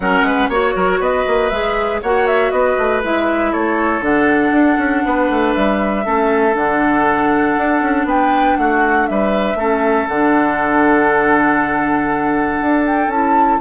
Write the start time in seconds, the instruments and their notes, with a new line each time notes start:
0.00 bassoon F#3, clarinet C#4, oboe A#4, flute F#5
0.22 bassoon G#3, oboe B4
0.48 bassoon A#3, clarinet F#4, oboe C#5, flute C#5
0.75 bassoon F#3, oboe A#4
0.99 bassoon B3, oboe B4, flute D#5
1.27 bassoon A#3
1.50 bassoon G#3, clarinet G#4, flute E5
2.01 bassoon A#3, clarinet F#4, oboe C#5, flute F#5
2.26 flute E5
2.50 bassoon B3, oboe B4, flute D#5
2.78 bassoon A3
3.03 bassoon G#3, clarinet E4, flute E5
3.52 bassoon A3, oboe A4, flute C#5
4.01 bassoon D3, clarinet D4, flute F#5
4.51 bassoon D4
4.78 bassoon C#4
5.05 bassoon B3, oboe B4
5.29 bassoon A3
5.53 bassoon G3, flute E5
6.04 bassoon A3, clarinet C#4, oboe A4
6.53 bassoon D3, clarinet D4, flute F#5
7.57 bassoon D4
7.81 bassoon C#4
8.04 bassoon B3, oboe B4, flute G5
8.56 bassoon A3, oboe F#4, flute F#5
9.07 bassoon G3, oboe B4, flute E5
9.54 bassoon A3, clarinet C#4, oboe A4
10.08 bassoon D3, clarinet D4, flute F#5
12.61 bassoon D4
12.85 flute G5
13.07 bassoon C#4, clarinet E4, flute A5